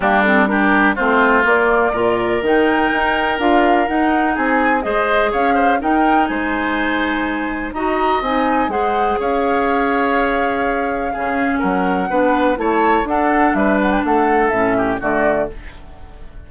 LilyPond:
<<
  \new Staff \with { instrumentName = "flute" } { \time 4/4 \tempo 4 = 124 g'8 a'8 ais'4 c''4 d''4~ | d''4 g''2 f''4 | fis''4 gis''4 dis''4 f''4 | g''4 gis''2. |
ais''4 gis''4 fis''4 f''4~ | f''1 | fis''2 a''4 fis''4 | e''8 fis''16 g''16 fis''4 e''4 d''4 | }
  \new Staff \with { instrumentName = "oboe" } { \time 4/4 d'4 g'4 f'2 | ais'1~ | ais'4 gis'4 c''4 cis''8 c''8 | ais'4 c''2. |
dis''2 c''4 cis''4~ | cis''2. gis'4 | ais'4 b'4 cis''4 a'4 | b'4 a'4. g'8 fis'4 | }
  \new Staff \with { instrumentName = "clarinet" } { \time 4/4 ais8 c'8 d'4 c'4 ais4 | f'4 dis'2 f'4 | dis'2 gis'2 | dis'1 |
fis'4 dis'4 gis'2~ | gis'2. cis'4~ | cis'4 d'4 e'4 d'4~ | d'2 cis'4 a4 | }
  \new Staff \with { instrumentName = "bassoon" } { \time 4/4 g2 a4 ais4 | ais,4 dis4 dis'4 d'4 | dis'4 c'4 gis4 cis'4 | dis'4 gis2. |
dis'4 c'4 gis4 cis'4~ | cis'2. cis4 | fis4 b4 a4 d'4 | g4 a4 a,4 d4 | }
>>